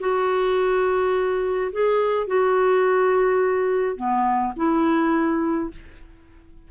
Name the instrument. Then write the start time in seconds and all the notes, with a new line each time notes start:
clarinet
0.00 F#4
1.72 G#4
2.27 F#4
3.96 B3
4.56 E4